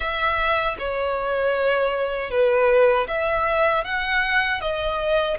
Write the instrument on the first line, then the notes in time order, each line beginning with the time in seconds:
violin
0.00 E5
0.79 C#5
2.30 B4
3.07 E5
3.84 F#5
4.60 D#5